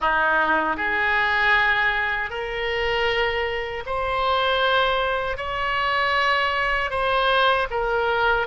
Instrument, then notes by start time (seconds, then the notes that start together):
oboe
0.00 D#4
0.77 G#4
2.29 A#4
3.85 C5
5.37 C#5
6.90 C5
7.70 A#4